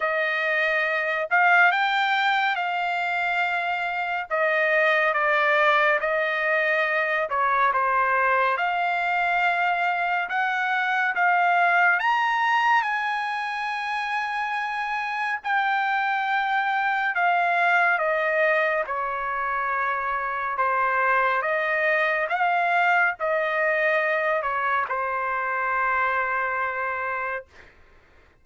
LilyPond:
\new Staff \with { instrumentName = "trumpet" } { \time 4/4 \tempo 4 = 70 dis''4. f''8 g''4 f''4~ | f''4 dis''4 d''4 dis''4~ | dis''8 cis''8 c''4 f''2 | fis''4 f''4 ais''4 gis''4~ |
gis''2 g''2 | f''4 dis''4 cis''2 | c''4 dis''4 f''4 dis''4~ | dis''8 cis''8 c''2. | }